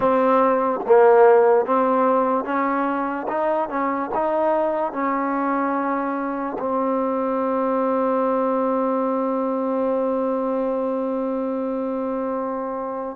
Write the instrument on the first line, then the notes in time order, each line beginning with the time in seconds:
trombone
0.00 C4
0.86 A#3
1.65 C4
2.44 C#4
3.28 D#4
3.69 C#4
4.14 D#4
4.92 C#4
6.58 C4